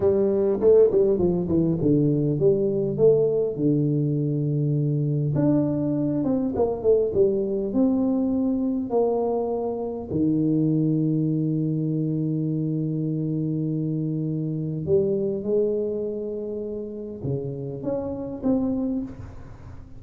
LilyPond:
\new Staff \with { instrumentName = "tuba" } { \time 4/4 \tempo 4 = 101 g4 a8 g8 f8 e8 d4 | g4 a4 d2~ | d4 d'4. c'8 ais8 a8 | g4 c'2 ais4~ |
ais4 dis2.~ | dis1~ | dis4 g4 gis2~ | gis4 cis4 cis'4 c'4 | }